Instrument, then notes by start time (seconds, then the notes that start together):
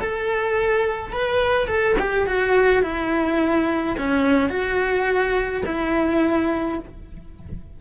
cello
0.00 A4
1.12 B4
1.67 A4
1.99 G4
2.26 F#4
2.82 E4
3.98 C#4
4.49 F#4
5.66 E4